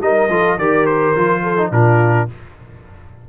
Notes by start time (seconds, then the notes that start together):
0.00 G3 D#4 A#4 D#5
0.29 F3 F4 A4
0.57 D#3 G4 A#4 D5
0.86 C5
1.16 F3 F4
1.43 A4
1.58 D#4
1.71 A#2 D4 F4 A#4